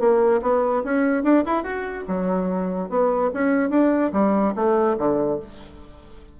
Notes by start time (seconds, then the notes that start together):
0.00 A#3
0.42 B3
0.84 C#4
1.24 D4
1.46 E4
1.64 F#4
2.08 F#3
2.89 B3
3.34 C#4
3.70 D4
4.13 G3
4.56 A3
4.98 D3